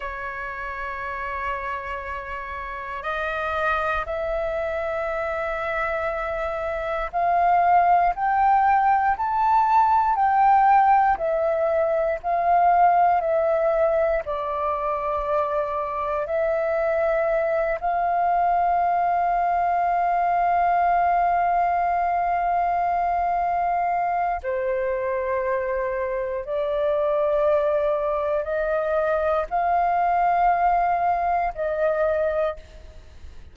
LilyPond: \new Staff \with { instrumentName = "flute" } { \time 4/4 \tempo 4 = 59 cis''2. dis''4 | e''2. f''4 | g''4 a''4 g''4 e''4 | f''4 e''4 d''2 |
e''4. f''2~ f''8~ | f''1 | c''2 d''2 | dis''4 f''2 dis''4 | }